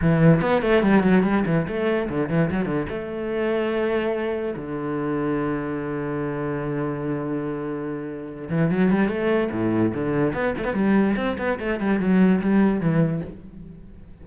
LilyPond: \new Staff \with { instrumentName = "cello" } { \time 4/4 \tempo 4 = 145 e4 b8 a8 g8 fis8 g8 e8 | a4 d8 e8 fis8 d8 a4~ | a2. d4~ | d1~ |
d1~ | d8 e8 fis8 g8 a4 a,4 | d4 b8 a16 b16 g4 c'8 b8 | a8 g8 fis4 g4 e4 | }